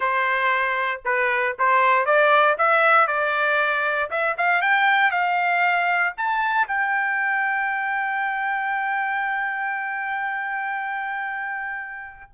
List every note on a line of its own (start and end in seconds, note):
0.00 1.01 C5
1.05 1.56 B4
1.58 2.05 C5
2.05 2.56 D5
2.58 3.07 E5
3.07 4.09 D5
4.10 4.36 E5
4.37 4.61 F5
4.61 5.11 G5
5.11 6.13 F5
6.17 6.67 A5
6.67 12.31 G5